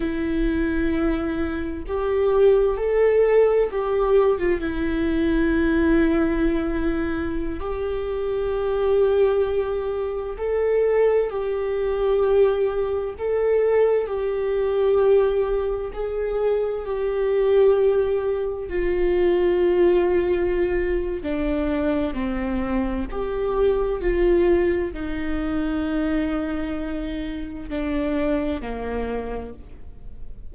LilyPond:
\new Staff \with { instrumentName = "viola" } { \time 4/4 \tempo 4 = 65 e'2 g'4 a'4 | g'8. f'16 e'2.~ | e'16 g'2. a'8.~ | a'16 g'2 a'4 g'8.~ |
g'4~ g'16 gis'4 g'4.~ g'16~ | g'16 f'2~ f'8. d'4 | c'4 g'4 f'4 dis'4~ | dis'2 d'4 ais4 | }